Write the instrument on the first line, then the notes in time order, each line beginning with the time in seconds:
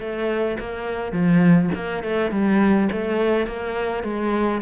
cello
0.00 A3
0.60 A#3
1.12 F3
1.75 A#3
2.04 A3
2.32 G3
2.92 A3
3.47 A#3
4.04 G#3